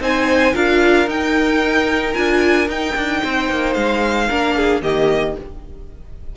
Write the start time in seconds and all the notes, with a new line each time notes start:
0.00 C4 D#4 C5 G#5
0.54 D4 F4 A#4 F5
1.07 D#4 G5
2.14 D4 F4 G#5
2.68 D#4 G5
2.95 D4
3.22 C4 C5
3.49 A#3
3.73 G#3 F5
4.28 A#3 D4 A#4
4.56 G#4
4.82 D#3 A#3 G4 D#5